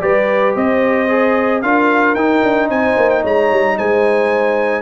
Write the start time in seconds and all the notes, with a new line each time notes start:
0.00 G3 G4 B4 D5
0.54 C4 C5 D#5
1.08 G#4
1.61 D4 F4 A#4 F5
2.14 D#4 G5
2.43 D4
2.69 C4 C5 G#5
2.96 A#3
3.09 G5
3.21 G#3 C#5 A#5
3.51 G3
3.77 G#3 C5 G#5